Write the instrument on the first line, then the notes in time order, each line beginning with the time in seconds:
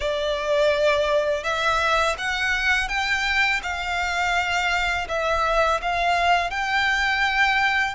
violin
0.00 D5
1.43 E5
2.18 F#5
2.88 G5
3.62 F5
5.08 E5
5.81 F5
6.50 G5